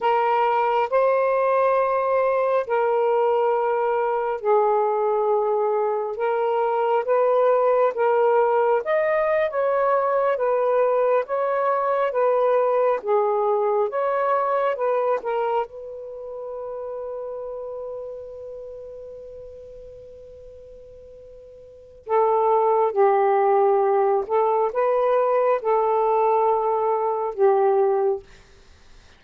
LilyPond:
\new Staff \with { instrumentName = "saxophone" } { \time 4/4 \tempo 4 = 68 ais'4 c''2 ais'4~ | ais'4 gis'2 ais'4 | b'4 ais'4 dis''8. cis''4 b'16~ | b'8. cis''4 b'4 gis'4 cis''16~ |
cis''8. b'8 ais'8 b'2~ b'16~ | b'1~ | b'4 a'4 g'4. a'8 | b'4 a'2 g'4 | }